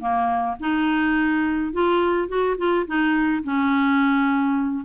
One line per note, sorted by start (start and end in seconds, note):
0.00 0.57 A#3
0.60 1.73 D#4
1.73 2.28 F4
2.28 2.57 F#4
2.58 2.86 F4
2.87 3.43 D#4
3.44 4.85 C#4